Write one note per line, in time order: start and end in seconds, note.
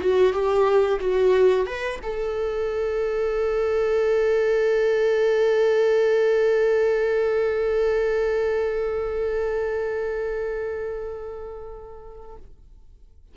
0.00 0.33 F#4
0.33 0.99 G4
1.00 1.66 F#4
1.66 2.00 B4
2.03 12.36 A4